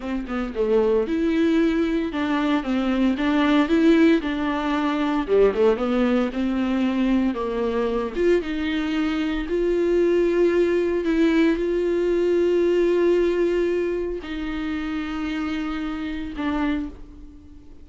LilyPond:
\new Staff \with { instrumentName = "viola" } { \time 4/4 \tempo 4 = 114 c'8 b8 a4 e'2 | d'4 c'4 d'4 e'4 | d'2 g8 a8 b4 | c'2 ais4. f'8 |
dis'2 f'2~ | f'4 e'4 f'2~ | f'2. dis'4~ | dis'2. d'4 | }